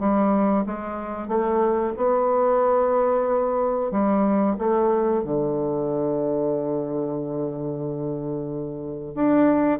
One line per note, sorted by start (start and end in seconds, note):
0.00 0.65 G3
0.66 1.28 G#3
1.28 1.94 A3
1.97 3.91 B3
3.91 4.57 G3
4.59 5.24 A3
5.24 9.15 D3
9.15 9.80 D4